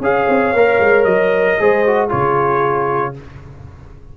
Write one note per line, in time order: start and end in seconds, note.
0.00 0.26 C#4
0.00 0.55 G#4
0.00 1.60 C#5
0.00 1.04 F5
0.28 0.53 C4
0.53 0.79 A#3
0.53 1.60 A#4
0.80 1.05 G#3
1.04 1.57 F#3
1.04 2.08 D#5
1.60 2.12 G#3
1.60 1.86 G#4
1.60 2.09 C5
1.86 2.09 F#4
2.09 3.17 C#3
2.09 3.13 F4
2.09 3.13 G#4
2.09 3.15 C#5